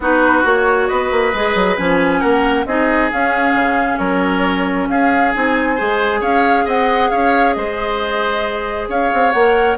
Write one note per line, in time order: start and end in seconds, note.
0.00 0.43 B3
0.00 0.43 D#4
0.00 0.88 F#4
0.00 0.46 B4
0.43 0.89 A#3
0.43 1.32 F#4
0.43 0.88 C#5
0.88 1.11 B3
0.88 2.20 B4
0.88 1.76 D#5
1.11 1.33 A#3
1.33 1.55 G#3
1.33 1.77 G#4
1.55 1.77 F#3
1.76 2.23 F3
1.76 2.66 C#4
1.76 2.20 G#5
2.20 2.65 A#3
2.20 2.65 A#4
2.20 2.65 F#5
2.65 3.10 C4
2.65 3.11 D#4
2.65 3.99 G#4
2.65 3.10 D#5
3.12 5.33 C#4
3.12 3.54 C#4
3.12 3.98 F5
3.54 3.99 C#3
3.98 4.88 F#3
3.98 4.88 A#4
3.98 4.87 C#5
4.89 5.33 C#4
4.89 5.75 G#4
4.89 5.33 F5
5.33 5.80 C4
5.33 5.77 D#4
5.33 6.22 G#5
5.75 6.21 G#3
5.75 9.33 G#4
5.75 6.20 C5
6.20 6.65 C#4
6.20 6.64 C#5
6.20 6.66 F5
6.65 7.10 C4
6.65 7.09 D#5
6.65 7.10 F#5
7.10 7.55 C#4
7.10 7.55 C#5
7.10 7.53 F5
7.53 8.88 G#3
7.53 8.89 C5
7.53 8.86 D#5
8.88 9.10 C#4
8.88 9.77 C#5
8.88 9.31 F5
9.13 9.34 C4
9.31 9.77 A#3
9.31 9.77 A#4
9.31 9.76 F#5